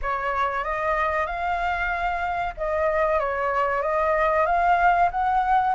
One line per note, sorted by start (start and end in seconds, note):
0.02 0.64 C#5
0.64 1.26 D#5
1.26 2.54 F5
2.57 3.19 D#5
3.19 3.82 C#5
3.82 4.45 D#5
4.45 5.09 F5
5.11 5.74 F#5